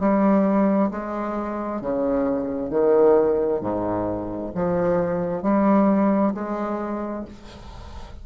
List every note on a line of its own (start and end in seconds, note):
0.00 0.91 G3
0.91 1.82 G#3
1.82 2.71 C#3
2.71 3.61 D#3
3.61 4.52 G#2
4.55 5.43 F3
5.43 6.34 G3
6.34 7.25 G#3